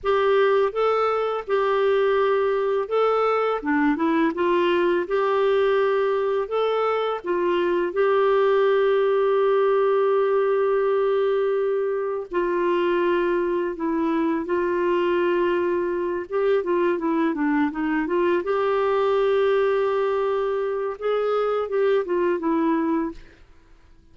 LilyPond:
\new Staff \with { instrumentName = "clarinet" } { \time 4/4 \tempo 4 = 83 g'4 a'4 g'2 | a'4 d'8 e'8 f'4 g'4~ | g'4 a'4 f'4 g'4~ | g'1~ |
g'4 f'2 e'4 | f'2~ f'8 g'8 f'8 e'8 | d'8 dis'8 f'8 g'2~ g'8~ | g'4 gis'4 g'8 f'8 e'4 | }